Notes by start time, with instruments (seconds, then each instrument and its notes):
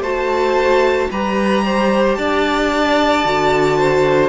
0.00 cello A3, viola F#4, violin C5 A5
1.11 cello G3, viola G4, violin B4 A#5
1.65 violin C5
2.15 cello D4, violin D5 A5
3.25 cello D3, viola F#4
3.78 violin C5